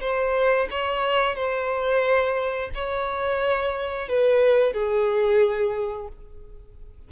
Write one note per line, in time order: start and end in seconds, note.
0.00 0.67 C5
0.70 1.35 C#5
1.35 2.70 C5
2.74 4.08 C#5
4.08 4.73 B4
4.73 6.07 G#4